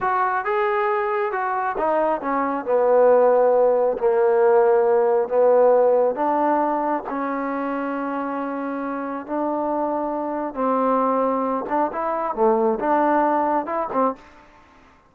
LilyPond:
\new Staff \with { instrumentName = "trombone" } { \time 4/4 \tempo 4 = 136 fis'4 gis'2 fis'4 | dis'4 cis'4 b2~ | b4 ais2. | b2 d'2 |
cis'1~ | cis'4 d'2. | c'2~ c'8 d'8 e'4 | a4 d'2 e'8 c'8 | }